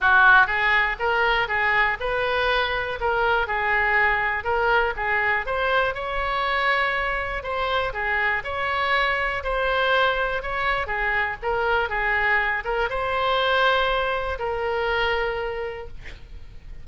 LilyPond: \new Staff \with { instrumentName = "oboe" } { \time 4/4 \tempo 4 = 121 fis'4 gis'4 ais'4 gis'4 | b'2 ais'4 gis'4~ | gis'4 ais'4 gis'4 c''4 | cis''2. c''4 |
gis'4 cis''2 c''4~ | c''4 cis''4 gis'4 ais'4 | gis'4. ais'8 c''2~ | c''4 ais'2. | }